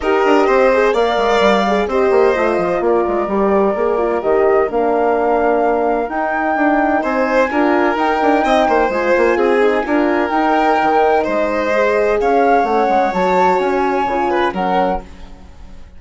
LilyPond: <<
  \new Staff \with { instrumentName = "flute" } { \time 4/4 \tempo 4 = 128 dis''2 f''2 | dis''2 d''2~ | d''4 dis''4 f''2~ | f''4 g''2 gis''4~ |
gis''4 g''2 gis''4~ | gis''2 g''2 | dis''2 f''4 fis''4 | a''4 gis''2 fis''4 | }
  \new Staff \with { instrumentName = "violin" } { \time 4/4 ais'4 c''4 d''2 | c''2 ais'2~ | ais'1~ | ais'2. c''4 |
ais'2 dis''8 c''4. | gis'4 ais'2. | c''2 cis''2~ | cis''2~ cis''8 b'8 ais'4 | }
  \new Staff \with { instrumentName = "horn" } { \time 4/4 g'4. gis'8 ais'4. gis'8 | g'4 f'2 g'4 | gis'8 f'8 g'4 d'2~ | d'4 dis'2. |
f'4 dis'2 f'4~ | f'8 dis'8 f'4 dis'2~ | dis'4 gis'2 cis'4 | fis'2 f'4 cis'4 | }
  \new Staff \with { instrumentName = "bassoon" } { \time 4/4 dis'8 d'8 c'4 ais8 gis8 g4 | c'8 ais8 a8 f8 ais8 gis8 g4 | ais4 dis4 ais2~ | ais4 dis'4 d'4 c'4 |
d'4 dis'8 d'8 c'8 ais8 gis8 ais8 | c'4 d'4 dis'4 dis4 | gis2 cis'4 a8 gis8 | fis4 cis'4 cis4 fis4 | }
>>